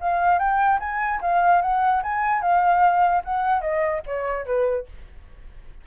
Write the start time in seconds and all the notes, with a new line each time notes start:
0.00 F5
0.38 G5
0.79 G#5
1.21 F5
1.61 F#5
2.03 G#5
2.41 F5
3.24 F#5
3.61 D#5
4.06 C#5
4.45 B4